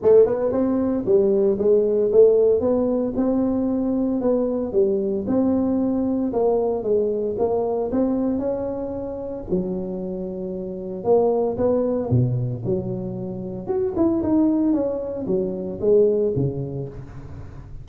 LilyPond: \new Staff \with { instrumentName = "tuba" } { \time 4/4 \tempo 4 = 114 a8 b8 c'4 g4 gis4 | a4 b4 c'2 | b4 g4 c'2 | ais4 gis4 ais4 c'4 |
cis'2 fis2~ | fis4 ais4 b4 b,4 | fis2 fis'8 e'8 dis'4 | cis'4 fis4 gis4 cis4 | }